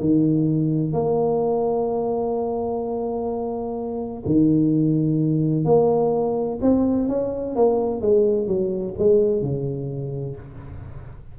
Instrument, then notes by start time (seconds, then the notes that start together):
tuba
0.00 D#3
0.93 A#3
4.25 D#3
5.65 A#3
6.61 C4
7.08 C#4
7.55 A#3
8.01 G#3
8.47 F#3
8.98 G#3
9.42 C#3